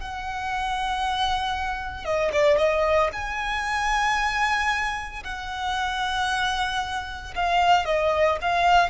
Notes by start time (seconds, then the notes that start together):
0.00 F#5
2.05 D#5
2.33 D5
2.58 D#5
3.13 G#5
5.24 F#5
7.36 F5
7.86 D#5
8.41 F5